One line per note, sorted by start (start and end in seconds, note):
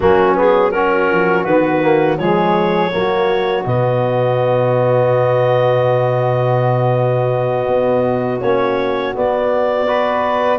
0.00 1.10 F#3
0.00 0.34 A#3
0.00 0.72 C#4
0.00 0.36 F#4
0.34 0.71 B3
0.34 0.71 G#4
0.71 1.47 C#4
0.71 2.18 F#4
0.71 1.44 A#4
1.10 1.45 F3
1.44 2.18 D#3
1.44 1.81 B3
1.44 2.17 B4
1.81 2.18 A#3
2.17 2.92 F3
2.17 2.91 G#3
2.17 2.91 G#4
2.17 3.64 C#5
2.91 3.66 F#3
2.91 3.64 A#3
2.91 9.86 F#4
3.65 7.67 B2
3.65 8.41 B3
3.65 8.41 D#5
7.67 8.40 B3
8.41 9.14 A#3
8.41 9.14 C#4
8.41 9.14 C#5
9.14 9.86 B3
9.14 10.59 B3
9.14 10.59 D5
9.86 10.59 F#4
9.86 10.59 B4